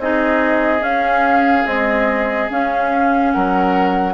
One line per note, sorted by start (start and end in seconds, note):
0.00 0.82 C4
0.00 0.80 D#4
0.00 3.34 G#4
0.00 0.84 D#5
0.80 1.63 C#4
0.80 1.65 C#4
0.80 1.67 F5
1.66 2.50 G#3
1.66 2.49 C4
1.66 2.50 D#5
2.50 4.14 C#4
2.50 3.35 C#4
2.50 3.32 F5
3.32 4.14 F#3
3.32 4.14 A#4
3.32 4.14 F#5